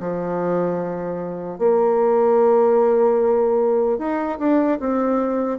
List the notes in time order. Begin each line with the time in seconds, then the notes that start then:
0.00 F3
1.59 A#3
3.99 D#4
4.39 D4
4.80 C4